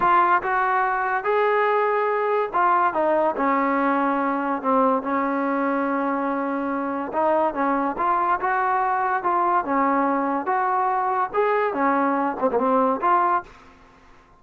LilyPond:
\new Staff \with { instrumentName = "trombone" } { \time 4/4 \tempo 4 = 143 f'4 fis'2 gis'4~ | gis'2 f'4 dis'4 | cis'2. c'4 | cis'1~ |
cis'4 dis'4 cis'4 f'4 | fis'2 f'4 cis'4~ | cis'4 fis'2 gis'4 | cis'4. c'16 ais16 c'4 f'4 | }